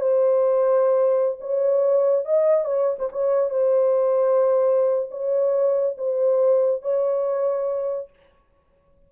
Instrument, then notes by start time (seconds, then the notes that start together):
horn
0.00 C5
1.40 C#5
2.25 D#5
2.65 C#5
2.98 C5
3.12 C#5
3.50 C5
5.11 C#5
5.97 C5
6.82 C#5